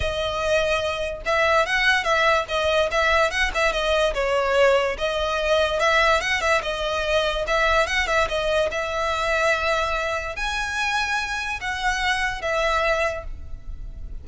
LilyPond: \new Staff \with { instrumentName = "violin" } { \time 4/4 \tempo 4 = 145 dis''2. e''4 | fis''4 e''4 dis''4 e''4 | fis''8 e''8 dis''4 cis''2 | dis''2 e''4 fis''8 e''8 |
dis''2 e''4 fis''8 e''8 | dis''4 e''2.~ | e''4 gis''2. | fis''2 e''2 | }